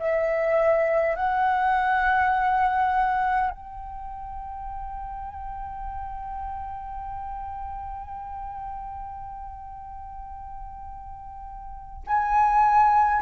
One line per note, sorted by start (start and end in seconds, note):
0.00 1.16 E5
1.16 3.51 F#5
3.51 12.04 G5
12.07 13.22 G#5